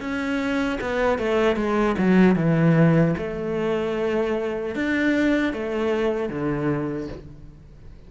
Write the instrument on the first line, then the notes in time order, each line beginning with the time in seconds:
cello
0.00 C#4
0.81 B3
1.18 A3
1.56 G#3
1.98 F#3
2.35 E3
3.18 A3
4.75 D4
5.53 A3
6.29 D3